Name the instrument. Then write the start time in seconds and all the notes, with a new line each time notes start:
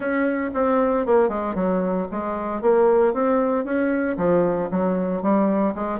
bassoon
0.00 C#4
0.54 C4
1.06 A#3
1.28 G#3
1.55 F#3
2.11 G#3
2.61 A#3
3.13 C4
3.64 C#4
4.17 F3
4.71 F#3
5.22 G3
5.74 G#3